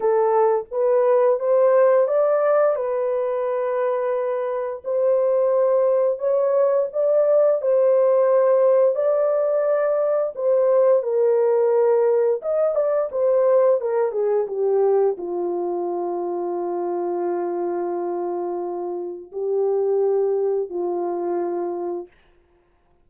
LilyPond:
\new Staff \with { instrumentName = "horn" } { \time 4/4 \tempo 4 = 87 a'4 b'4 c''4 d''4 | b'2. c''4~ | c''4 cis''4 d''4 c''4~ | c''4 d''2 c''4 |
ais'2 dis''8 d''8 c''4 | ais'8 gis'8 g'4 f'2~ | f'1 | g'2 f'2 | }